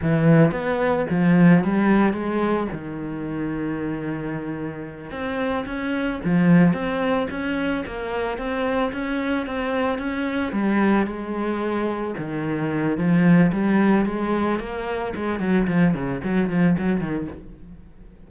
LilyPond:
\new Staff \with { instrumentName = "cello" } { \time 4/4 \tempo 4 = 111 e4 b4 f4 g4 | gis4 dis2.~ | dis4. c'4 cis'4 f8~ | f8 c'4 cis'4 ais4 c'8~ |
c'8 cis'4 c'4 cis'4 g8~ | g8 gis2 dis4. | f4 g4 gis4 ais4 | gis8 fis8 f8 cis8 fis8 f8 fis8 dis8 | }